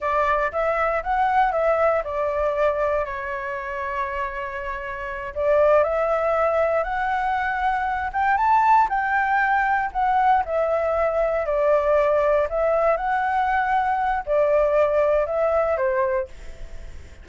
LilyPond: \new Staff \with { instrumentName = "flute" } { \time 4/4 \tempo 4 = 118 d''4 e''4 fis''4 e''4 | d''2 cis''2~ | cis''2~ cis''8 d''4 e''8~ | e''4. fis''2~ fis''8 |
g''8 a''4 g''2 fis''8~ | fis''8 e''2 d''4.~ | d''8 e''4 fis''2~ fis''8 | d''2 e''4 c''4 | }